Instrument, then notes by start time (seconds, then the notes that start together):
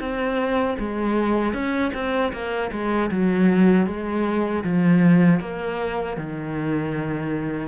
cello
0.00 C4
0.79 G#3
1.53 C#4
1.94 C4
2.33 A#3
2.72 G#3
3.11 F#3
3.87 G#3
4.64 F3
5.40 A#3
6.17 D#3